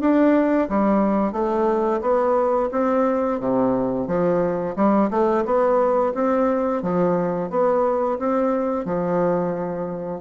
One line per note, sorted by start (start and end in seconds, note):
0.00 0.68 D4
0.69 1.32 G3
1.32 2.01 A3
2.01 2.69 B3
2.71 3.40 C4
3.40 4.07 C3
4.07 4.75 F3
4.76 5.10 G3
5.10 5.45 A3
5.45 6.13 B3
6.14 6.82 C4
6.82 7.50 F3
7.50 8.18 B3
8.19 8.85 C4
8.85 10.21 F3